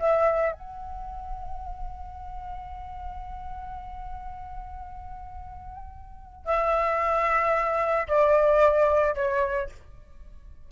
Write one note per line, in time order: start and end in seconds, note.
0.00 0.53 E5
0.53 6.45 F#5
6.45 8.08 E5
8.08 9.15 D5
9.15 9.69 C#5